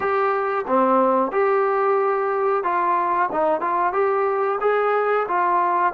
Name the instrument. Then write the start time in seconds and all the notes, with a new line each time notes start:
trombone
0.00 G4
0.67 C4
1.31 G4
2.63 F4
3.32 D#4
3.61 F4
3.93 G4
4.60 G#4
5.27 F4